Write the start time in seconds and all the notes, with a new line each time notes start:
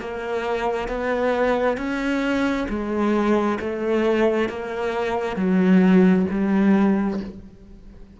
0.00 A#3
0.88 B3
1.77 C#4
2.69 G#3
3.59 A3
4.49 A#3
5.36 F#3
6.31 G3